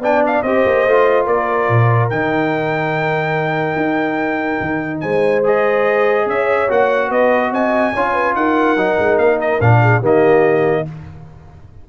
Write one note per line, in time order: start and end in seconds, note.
0.00 0.42 B3
0.00 0.45 D4
0.00 0.43 D5
0.00 0.24 G5
0.26 0.42 F5
0.42 0.63 C4
0.42 0.87 G4
0.42 1.26 C5
0.42 1.26 D#5
0.65 0.85 A#3
0.85 1.27 A3
0.85 2.11 F4
1.26 1.68 A#3
1.26 5.01 A#4
1.26 2.09 D5
1.69 2.10 A#2
2.09 3.76 D#3
2.09 5.43 D#4
2.09 5.00 G5
3.76 4.59 D#4
4.60 5.02 D#3
5.00 6.25 G#3
5.00 6.26 C5
5.00 5.41 G#5
5.43 6.68 G#4
5.43 6.28 D#5
6.25 6.67 C#4
6.25 7.09 C#5
6.25 6.70 E5
6.68 7.10 A#3
6.68 7.93 F#4
6.68 7.11 F#5
7.09 7.51 B3
7.09 7.50 B4
7.09 7.52 D#5
7.51 7.92 C4
7.51 7.93 D#5
7.51 8.35 G#5
7.93 8.35 C#4
7.93 8.77 F4
7.93 8.13 C#5
8.13 8.34 B4
8.35 8.76 D#4
8.35 9.81 A#4
8.35 9.18 F#5
8.76 8.97 F#3
8.76 9.60 D#4
8.98 9.17 G#3
9.17 9.59 A#3
9.17 9.38 F5
9.40 9.60 D#5
9.60 10.01 A#2
9.60 10.02 D4
9.60 10.02 F5
9.81 9.99 G#4
9.99 10.85 D#3
9.99 10.85 A#3
9.99 10.82 G4
10.05 10.88 D#5